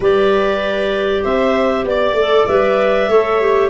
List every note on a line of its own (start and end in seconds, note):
0.00 1.23 G3
0.00 2.18 G4
0.00 1.22 B4
0.00 1.24 D5
1.23 1.84 C4
1.23 1.85 C5
1.23 1.85 E5
1.84 2.13 B3
1.84 2.46 D5
1.84 3.10 D5
2.13 2.44 A3
2.13 2.48 A4
2.46 3.08 G3
2.46 3.10 B4
2.46 3.70 E5
3.08 3.69 A3
3.08 3.41 A4
3.08 3.70 C#5
3.41 3.70 G4